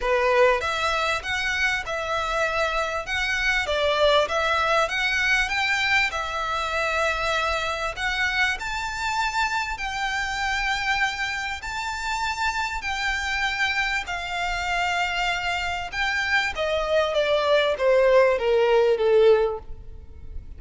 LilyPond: \new Staff \with { instrumentName = "violin" } { \time 4/4 \tempo 4 = 98 b'4 e''4 fis''4 e''4~ | e''4 fis''4 d''4 e''4 | fis''4 g''4 e''2~ | e''4 fis''4 a''2 |
g''2. a''4~ | a''4 g''2 f''4~ | f''2 g''4 dis''4 | d''4 c''4 ais'4 a'4 | }